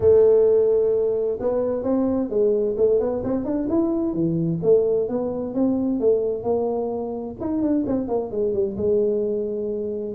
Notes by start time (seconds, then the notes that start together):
0.00 A3
1.40 B3
1.83 C4
2.29 G#3
2.77 A3
3.00 B3
3.23 C4
3.44 D4
3.69 E4
4.13 E3
4.63 A3
5.08 B3
5.54 C4
5.99 A3
6.43 A#3
7.40 D#4
7.62 D4
7.86 C4
8.08 A#3
8.31 G#3
8.53 G3
8.76 G#3